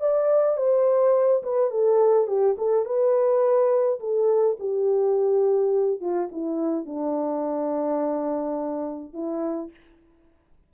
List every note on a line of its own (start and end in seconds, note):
0.00 0.57 D5
0.57 1.42 C5
1.43 1.70 B4
1.70 2.27 A4
2.27 2.56 G4
2.57 2.85 A4
2.85 3.99 B4
3.99 4.57 A4
4.59 6.00 G4
6.00 6.29 F4
6.32 6.85 E4
6.85 9.13 D4
9.13 9.70 E4